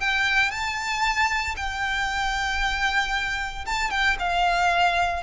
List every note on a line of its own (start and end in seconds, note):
0.00 0.51 G5
0.51 1.55 A5
1.56 3.65 G5
3.66 3.90 A5
3.90 4.16 G5
4.19 5.23 F5